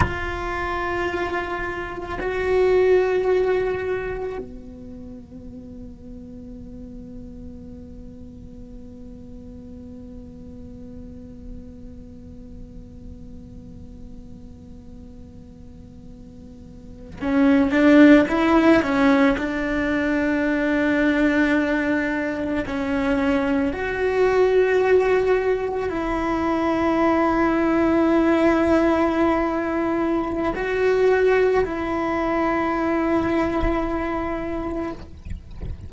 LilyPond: \new Staff \with { instrumentName = "cello" } { \time 4/4 \tempo 4 = 55 f'2 fis'2 | b1~ | b1~ | b2.~ b8. cis'16~ |
cis'16 d'8 e'8 cis'8 d'2~ d'16~ | d'8. cis'4 fis'2 e'16~ | e'1 | fis'4 e'2. | }